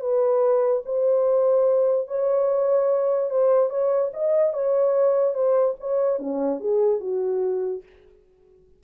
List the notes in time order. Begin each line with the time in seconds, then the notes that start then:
0.00 B4
0.85 C5
2.07 C#5
3.30 C5
3.70 C#5
4.13 D#5
4.53 C#5
5.34 C5
5.79 C#5
6.19 C#4
6.60 G#4
7.00 F#4